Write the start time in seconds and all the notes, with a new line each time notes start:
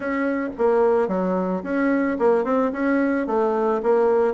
0.00 C#4
0.58 A#3
1.08 F#3
1.63 C#4
2.18 A#3
2.44 C4
2.72 C#4
3.26 A3
3.82 A#3